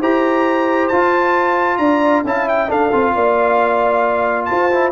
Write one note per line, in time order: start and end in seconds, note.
0.00 0.90 E4
0.00 0.91 G4
0.00 1.79 C5
0.00 0.88 A#5
0.88 1.78 F4
0.88 2.25 F4
0.88 1.77 A5
1.77 2.23 D4
1.77 2.25 D5
1.77 2.22 A#5
2.24 2.69 C#4
2.24 2.67 E4
2.24 2.47 F5
2.24 2.48 A5
2.47 2.69 E5
2.47 2.70 G5
2.67 2.89 D4
2.67 2.92 D4
2.67 3.13 A4
2.67 4.45 F5
2.91 3.15 C4
2.91 4.71 F4
3.15 4.49 A#3
3.15 4.49 D5
4.45 4.92 F4
4.45 4.92 C5
4.45 4.89 A5
4.71 4.92 E4